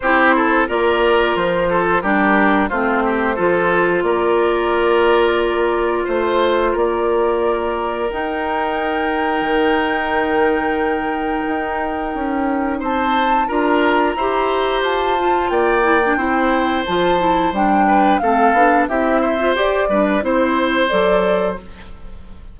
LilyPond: <<
  \new Staff \with { instrumentName = "flute" } { \time 4/4 \tempo 4 = 89 c''4 d''4 c''4 ais'4 | c''2 d''2~ | d''4 c''4 d''2 | g''1~ |
g''2. a''4 | ais''2 a''4 g''4~ | g''4 a''4 g''4 f''4 | e''4 d''4 c''4 d''4 | }
  \new Staff \with { instrumentName = "oboe" } { \time 4/4 g'8 a'8 ais'4. a'8 g'4 | f'8 g'8 a'4 ais'2~ | ais'4 c''4 ais'2~ | ais'1~ |
ais'2. c''4 | ais'4 c''2 d''4 | c''2~ c''8 b'8 a'4 | g'8 c''4 b'8 c''2 | }
  \new Staff \with { instrumentName = "clarinet" } { \time 4/4 e'4 f'2 d'4 | c'4 f'2.~ | f'1 | dis'1~ |
dis'1 | f'4 g'4. f'4 e'16 d'16 | e'4 f'8 e'8 d'4 c'8 d'8 | e'8. f'16 g'8 d'8 e'4 a'4 | }
  \new Staff \with { instrumentName = "bassoon" } { \time 4/4 c'4 ais4 f4 g4 | a4 f4 ais2~ | ais4 a4 ais2 | dis'2 dis2~ |
dis4 dis'4 cis'4 c'4 | d'4 e'4 f'4 ais4 | c'4 f4 g4 a8 b8 | c'4 g'8 g8 c'4 fis4 | }
>>